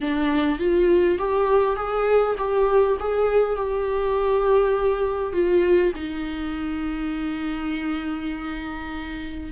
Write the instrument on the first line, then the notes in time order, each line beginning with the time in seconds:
viola
0.00 D4
0.59 F4
1.18 G4
1.76 G#4
2.38 G4
2.99 G#4
3.56 G4
5.32 F4
5.95 D#4